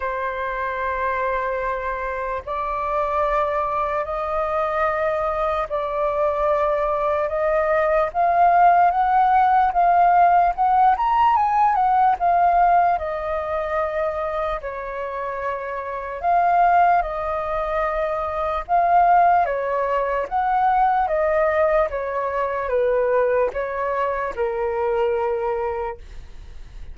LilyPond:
\new Staff \with { instrumentName = "flute" } { \time 4/4 \tempo 4 = 74 c''2. d''4~ | d''4 dis''2 d''4~ | d''4 dis''4 f''4 fis''4 | f''4 fis''8 ais''8 gis''8 fis''8 f''4 |
dis''2 cis''2 | f''4 dis''2 f''4 | cis''4 fis''4 dis''4 cis''4 | b'4 cis''4 ais'2 | }